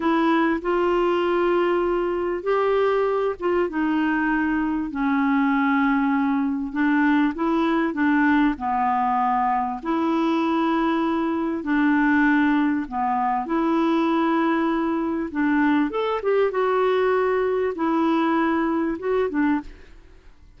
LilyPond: \new Staff \with { instrumentName = "clarinet" } { \time 4/4 \tempo 4 = 98 e'4 f'2. | g'4. f'8 dis'2 | cis'2. d'4 | e'4 d'4 b2 |
e'2. d'4~ | d'4 b4 e'2~ | e'4 d'4 a'8 g'8 fis'4~ | fis'4 e'2 fis'8 d'8 | }